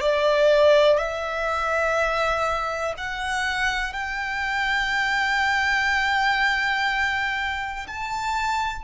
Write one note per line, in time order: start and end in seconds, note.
0.00 0.97 D5
0.97 2.94 E5
2.97 3.93 F#5
3.93 7.86 G5
7.87 8.84 A5